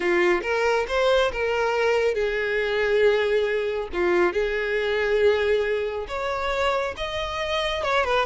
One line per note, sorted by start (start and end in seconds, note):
0.00 0.41 F4
0.42 0.86 A#4
0.88 1.31 C5
1.32 2.14 A#4
2.14 3.88 G#4
3.93 4.33 F4
4.33 6.07 G#4
6.08 6.94 C#5
6.96 7.83 D#5
7.83 8.04 C#5
8.04 8.25 B4